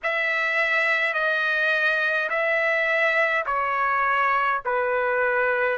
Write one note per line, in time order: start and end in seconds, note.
0.03 1.13 E5
1.13 2.29 D#5
2.29 3.45 E5
3.46 4.61 C#5
4.65 5.77 B4